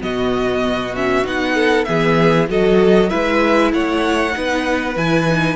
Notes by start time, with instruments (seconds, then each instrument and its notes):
0.00 cello B2, viola B3, violin F#4 D#5
0.95 viola C#4, violin E5
1.24 cello B3, viola D#4, violin F#5
1.55 violin A4
1.84 cello E3, viola B3, violin G#4 E5
2.48 cello F#3, viola F#4, violin A4 D#5
3.09 cello G#3, viola E4, violin B4 E5
3.73 cello A3, violin C#5 F#5
4.31 cello B3, viola D#4, violin B4
4.96 cello E3, viola E4, violin G#5
5.27 viola D#4